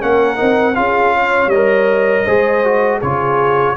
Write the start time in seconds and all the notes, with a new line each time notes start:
0.00 A#3 C#4 A#4 F#5
0.36 C4 D#4
0.75 C#4 F4 G#4 F5
1.14 C#5
1.47 G3 D#5
1.55 A#4
2.25 G#3 G#4 C5
2.64 F#4
2.98 C#3 F4 G#4 C#5